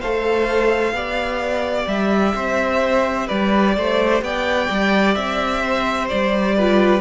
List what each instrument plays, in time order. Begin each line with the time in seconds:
0.00 cello A3, viola A4, violin C5 F5
0.93 cello B3, viola G4, violin D5
1.88 cello G3, violin E5
2.36 cello C4, violin C5
3.28 cello G3, violin B4 D5
3.78 cello A3, violin C5
4.22 cello B3, violin D5 G5
4.71 cello G3
5.15 cello C4, violin E5
5.62 violin C5
6.09 cello G3, violin D5
6.57 viola F4, violin B4